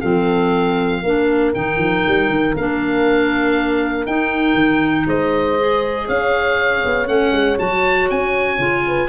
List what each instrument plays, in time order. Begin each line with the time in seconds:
0.00 tuba F3, clarinet C4, horn A4, oboe F5
1.02 tuba A#3, clarinet D4, horn A#4
1.54 tuba D#3, clarinet D#4, oboe G5
1.77 tuba F3
2.07 tuba G3
2.28 tuba D#3
2.56 tuba A#3, clarinet D4, oboe F5
4.06 tuba D#4, clarinet D#4, oboe G5
4.54 tuba D#3
5.06 tuba G#3, horn C5, oboe D#5
5.59 clarinet G#4
6.06 tuba C#4, horn C#5, oboe F5
6.84 tuba B3
7.05 tuba A3, clarinet C#4, oboe F#5
7.32 tuba G#3
7.58 tuba F#3, clarinet F#4, oboe A5
8.10 tuba C#4, oboe G#5
8.58 tuba C#3, clarinet F4
8.87 horn B4